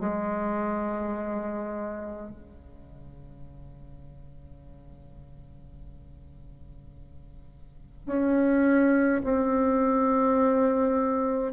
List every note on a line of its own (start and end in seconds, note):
0.00 2.30 G#3
2.30 8.07 C#3
8.07 9.22 C#4
9.24 11.53 C4